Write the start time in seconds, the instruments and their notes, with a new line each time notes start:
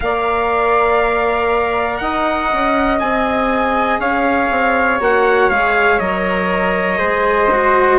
0.00 bassoon A#3, cello A#4, flute D5, trumpet F5
1.97 bassoon D#4, flute D#5, trumpet F#5
2.52 bassoon C#4
2.99 bassoon C4, cello G#4, trumpet G#5
3.99 bassoon C#4, flute C#5, trumpet F5
4.50 bassoon C4
5.00 bassoon A#3, cello F#4, trumpet F#5
5.49 bassoon G#3, cello G#4, trumpet F5
5.99 bassoon F#3, cello A#4, trumpet D#5
6.98 bassoon G#3, cello G#4, flute C5
7.51 cello F#4